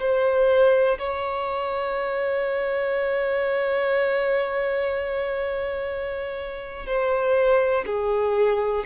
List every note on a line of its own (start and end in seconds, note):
0.00 0.98 C5
0.99 6.86 C#5
6.86 7.85 C5
7.86 8.84 G#4